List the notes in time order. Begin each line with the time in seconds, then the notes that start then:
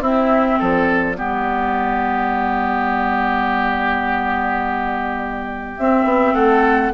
0.00 C4 E4 E5
0.59 F3 A4 D5
1.14 G3 B3 G4
5.78 C4 E5
6.04 B3
6.34 A3 A4 F#5